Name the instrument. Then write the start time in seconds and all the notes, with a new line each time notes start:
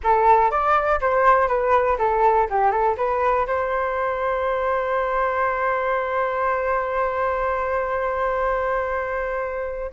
flute
0.03 A4
0.50 D5
1.01 C5
1.48 B4
1.98 A4
2.50 G4
2.71 A4
2.96 B4
3.46 C5